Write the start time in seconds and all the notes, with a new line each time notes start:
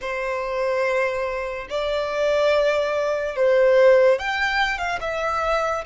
0.01 C5
1.69 D5
3.36 C5
4.19 G5
4.78 F5
5.00 E5